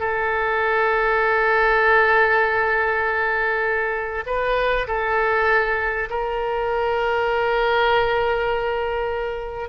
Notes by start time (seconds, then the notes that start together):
0.00 A4
4.26 B4
4.88 A4
6.10 A#4